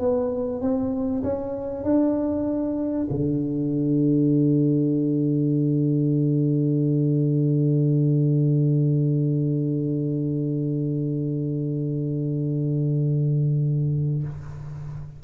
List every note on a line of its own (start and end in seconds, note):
0.00 0.61 B3
0.61 1.23 C4
1.23 1.84 C#4
1.84 3.08 D4
3.11 14.24 D3